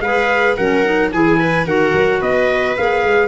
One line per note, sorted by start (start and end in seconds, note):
0.00 0.55 G#3
0.00 0.58 G#4
0.00 0.57 B4
0.00 0.55 F5
0.56 1.12 F#3
0.56 0.84 C#4
0.56 1.11 A#4
0.56 1.11 F#5
0.84 1.11 D#4
1.12 1.66 E3
1.12 1.66 E4
1.12 1.40 G#4
1.12 1.66 G#5
1.40 1.66 B4
1.66 1.93 D#3
1.66 2.75 F#4
1.66 2.20 A#4
1.66 2.21 F#5
1.93 2.20 F#3
2.20 2.76 B3
2.20 3.28 B4
2.20 2.76 D#5
2.76 3.04 A#3
2.76 3.28 G#4
2.76 3.28 F5
3.04 3.28 G#3